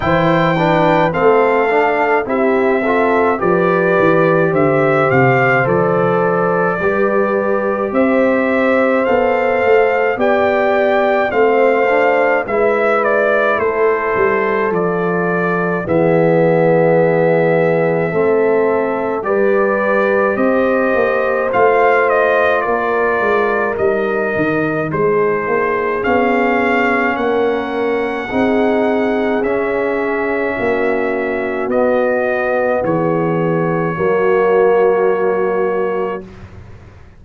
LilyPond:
<<
  \new Staff \with { instrumentName = "trumpet" } { \time 4/4 \tempo 4 = 53 g''4 f''4 e''4 d''4 | e''8 f''8 d''2 e''4 | f''4 g''4 f''4 e''8 d''8 | c''4 d''4 e''2~ |
e''4 d''4 dis''4 f''8 dis''8 | d''4 dis''4 c''4 f''4 | fis''2 e''2 | dis''4 cis''2. | }
  \new Staff \with { instrumentName = "horn" } { \time 4/4 c''8 b'8 a'4 g'8 a'8 b'4 | c''2 b'4 c''4~ | c''4 d''4 c''4 b'4 | a'2 gis'2 |
a'4 b'4 c''2 | ais'2 gis'2 | ais'4 gis'2 fis'4~ | fis'4 gis'4 fis'2 | }
  \new Staff \with { instrumentName = "trombone" } { \time 4/4 e'8 d'8 c'8 d'8 e'8 f'8 g'4~ | g'4 a'4 g'2 | a'4 g'4 c'8 d'8 e'4~ | e'4 f'4 b2 |
c'4 g'2 f'4~ | f'4 dis'2 cis'4~ | cis'4 dis'4 cis'2 | b2 ais2 | }
  \new Staff \with { instrumentName = "tuba" } { \time 4/4 e4 a4 c'4 f8 e8 | d8 c8 f4 g4 c'4 | b8 a8 b4 a4 gis4 | a8 g8 f4 e2 |
a4 g4 c'8 ais8 a4 | ais8 gis8 g8 dis8 gis8 ais8 b4 | ais4 c'4 cis'4 ais4 | b4 e4 fis2 | }
>>